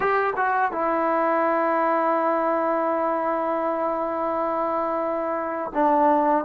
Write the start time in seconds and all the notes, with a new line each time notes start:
0.00 G4
0.36 F#4
0.71 E4
5.73 D4